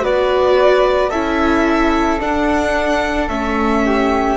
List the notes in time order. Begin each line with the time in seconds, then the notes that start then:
0.00 B3 F#4 B4 D5
1.09 C#4 E4 A4 E5
2.20 D4 F#5
3.28 A3 C#4 E5
3.85 G4